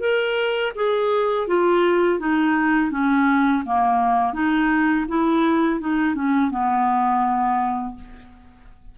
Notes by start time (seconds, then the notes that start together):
0.00 A#4
0.76 G#4
1.48 F4
2.20 D#4
2.91 C#4
3.65 A#3
4.33 D#4
5.09 E4
5.81 D#4
6.15 C#4
6.51 B3